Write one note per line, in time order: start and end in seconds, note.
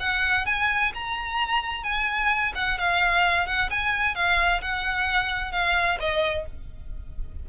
0.00 0.46 F#5
0.46 0.92 G#5
0.94 1.84 A#5
1.84 2.53 G#5
2.55 2.78 F#5
2.78 3.47 F5
3.47 3.70 F#5
3.70 4.15 G#5
4.15 4.61 F5
4.62 5.52 F#5
5.52 5.98 F5
6.00 6.46 D#5